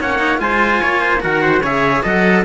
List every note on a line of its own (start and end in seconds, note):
0.00 0.40 A#3
0.00 0.19 C#4
0.00 0.41 C#5
0.00 0.40 F#5
0.19 0.37 D#4
0.37 0.81 G#3
0.37 1.19 F4
0.37 0.81 C5
0.37 1.22 G#5
0.81 1.24 A#3
0.81 1.01 C#5
1.01 1.21 C5
1.20 1.61 D#3
1.20 1.61 F#4
1.20 1.42 A#4
1.20 1.63 F#5
1.42 1.62 C5
1.61 2.02 C#3
1.61 2.03 G#4
1.61 2.03 C#5
1.61 2.05 E5
2.03 2.44 F#3
2.03 2.44 A4
2.03 2.44 D#5
2.03 2.44 F#5